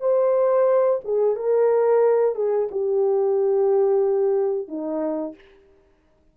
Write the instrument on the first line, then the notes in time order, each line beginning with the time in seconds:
horn
0.00 C5
1.04 G#4
1.36 A#4
2.35 G#4
2.71 G4
4.68 D#4